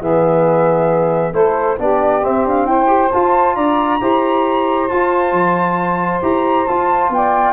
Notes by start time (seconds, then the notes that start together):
0.00 E3 B3 G#4 E5
1.33 A3 E4 A4 C5
1.79 B3 D4 G4 D5
2.22 C4 E5
2.45 D4 F5
2.66 E4 C5 G5
2.87 G4
3.11 F4 A5
3.55 D4 D5 A#5
4.01 E4 G4 C5
4.88 F4 A5
5.32 F3
6.22 E4 G4 A#5
6.68 F4 A5
7.10 B3 D5 G5